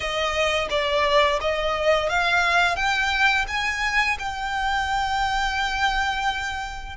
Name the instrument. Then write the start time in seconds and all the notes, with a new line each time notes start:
violin
0.00 D#5
0.69 D5
1.40 D#5
2.09 F5
2.76 G5
3.47 G#5
4.18 G5